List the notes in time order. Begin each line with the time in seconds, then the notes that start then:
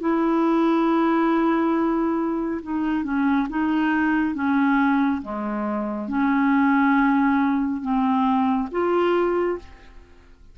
0.00 E4
2.62 D#4
3.04 C#4
3.49 D#4
4.34 C#4
5.22 G#3
6.08 C#4
7.81 C4
8.71 F4